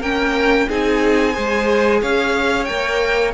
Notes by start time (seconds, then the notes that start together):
0.00 A#3 C#4 A#4 G5
0.68 C4 D#4 G#4 G#5
1.33 G#3 G#4 C5
2.01 C#4 C#5 F5
2.64 A#3 A#4 G5